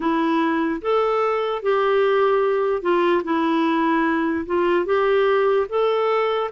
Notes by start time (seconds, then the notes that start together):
0.00 E4
0.81 A4
1.62 G4
2.82 F4
3.24 E4
4.46 F4
4.85 G4
5.69 A4